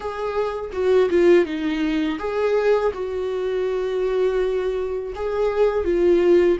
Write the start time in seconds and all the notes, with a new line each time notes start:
0.00 G#4
0.72 F#4
1.09 F4
1.45 D#4
2.19 G#4
2.93 F#4
5.15 G#4
5.84 F4